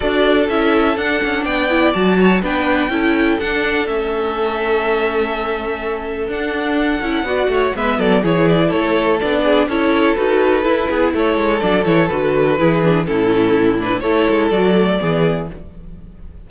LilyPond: <<
  \new Staff \with { instrumentName = "violin" } { \time 4/4 \tempo 4 = 124 d''4 e''4 fis''4 g''4 | a''4 g''2 fis''4 | e''1~ | e''4 fis''2. |
e''8 d''8 cis''8 d''8 cis''4 d''4 | cis''4 b'2 cis''4 | d''8 cis''8 b'2 a'4~ | a'8 b'8 cis''4 d''2 | }
  \new Staff \with { instrumentName = "violin" } { \time 4/4 a'2. d''4~ | d''8 cis''8 b'4 a'2~ | a'1~ | a'2. d''8 cis''8 |
b'8 a'8 gis'4 a'4. gis'8 | a'2~ a'8 gis'8 a'4~ | a'2 gis'4 e'4~ | e'4 a'2 gis'4 | }
  \new Staff \with { instrumentName = "viola" } { \time 4/4 fis'4 e'4 d'4. e'8 | fis'4 d'4 e'4 d'4 | cis'1~ | cis'4 d'4. e'8 fis'4 |
b4 e'2 d'4 | e'4 fis'4 e'2 | d'8 e'8 fis'4 e'8 d'8 cis'4~ | cis'8 d'8 e'4 fis'8 a8 b4 | }
  \new Staff \with { instrumentName = "cello" } { \time 4/4 d'4 cis'4 d'8 cis'8 b4 | fis4 b4 cis'4 d'4 | a1~ | a4 d'4. cis'8 b8 a8 |
gis8 fis8 e4 a4 b4 | cis'4 dis'4 e'8 b8 a8 gis8 | fis8 e8 d4 e4 a,4~ | a,4 a8 gis8 fis4 e4 | }
>>